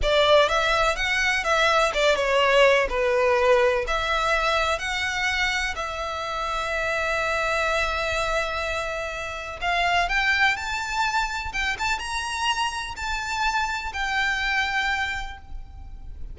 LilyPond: \new Staff \with { instrumentName = "violin" } { \time 4/4 \tempo 4 = 125 d''4 e''4 fis''4 e''4 | d''8 cis''4. b'2 | e''2 fis''2 | e''1~ |
e''1 | f''4 g''4 a''2 | g''8 a''8 ais''2 a''4~ | a''4 g''2. | }